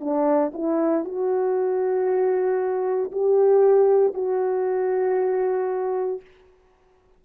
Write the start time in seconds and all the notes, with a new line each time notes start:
0.00 D4
0.53 E4
1.04 F#4
3.11 G4
4.14 F#4